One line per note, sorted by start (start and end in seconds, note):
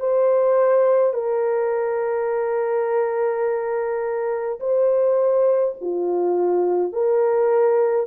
0.00 1.13 C5
1.13 4.59 A#4
4.60 5.75 C5
5.81 6.93 F4
6.93 8.07 A#4